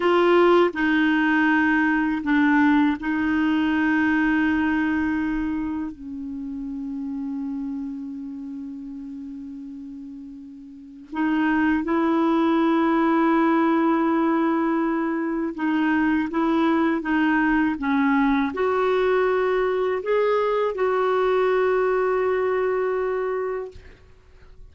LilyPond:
\new Staff \with { instrumentName = "clarinet" } { \time 4/4 \tempo 4 = 81 f'4 dis'2 d'4 | dis'1 | cis'1~ | cis'2. dis'4 |
e'1~ | e'4 dis'4 e'4 dis'4 | cis'4 fis'2 gis'4 | fis'1 | }